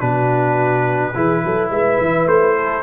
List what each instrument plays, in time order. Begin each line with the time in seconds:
0.00 tuba B2, trombone D4, horn F#4, trumpet B4
1.14 tuba E3, trombone E4, horn G#4
1.44 tuba F#3, horn A4
1.70 tuba G#3, horn B4, trumpet E5
2.00 tuba E3
2.27 tuba A3, trumpet C5
2.56 horn A4